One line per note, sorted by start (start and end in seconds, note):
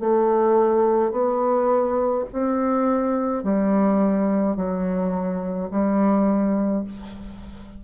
0.00 1.12 A3
1.12 2.25 B3
2.33 3.44 C4
3.44 4.56 G3
4.56 5.70 F#3
5.71 6.84 G3